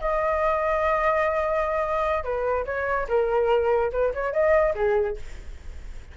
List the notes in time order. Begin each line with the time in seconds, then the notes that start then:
0.00 D#5
2.23 B4
2.65 C#5
3.08 A#4
3.92 B4
4.14 C#5
4.33 D#5
4.75 G#4